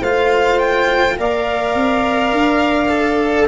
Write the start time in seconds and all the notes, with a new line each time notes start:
0.00 A3 F4 C5 F5
0.59 G5
1.17 A#3 A#4 D5 F5
1.75 C4
2.31 D4
2.89 A4